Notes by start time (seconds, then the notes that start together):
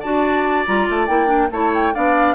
0.00 D4 F#4 D5 A5
0.66 G3 F4 A#5
0.89 A3 A5
1.07 A#3 E4 G5
1.27 D4
1.51 A3 E4 C#5 A5
1.75 G5
1.94 B3 D4 D5 F5